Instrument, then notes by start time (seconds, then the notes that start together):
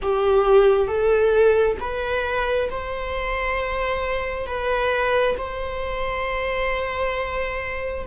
viola
0.02 G4
0.87 A4
1.80 B4
2.70 C5
4.46 B4
5.37 C5